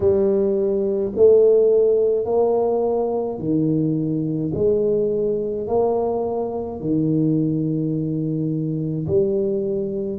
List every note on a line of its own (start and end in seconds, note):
0.00 1.12 G3
1.15 2.25 A3
2.25 3.38 A#3
3.38 4.51 D#3
4.54 5.67 G#3
5.67 6.80 A#3
6.80 9.06 D#3
9.07 10.19 G3